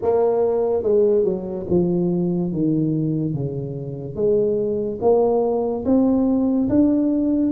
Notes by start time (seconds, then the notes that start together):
0.02 A#3
0.83 G#3
1.24 F#3
1.69 F3
2.52 D#3
3.34 C#3
4.15 G#3
5.01 A#3
5.85 C4
6.69 D4